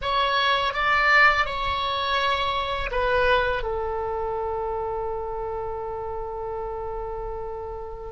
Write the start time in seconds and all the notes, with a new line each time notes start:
0.01 C#5
0.73 D5
1.45 C#5
2.91 B4
3.62 A4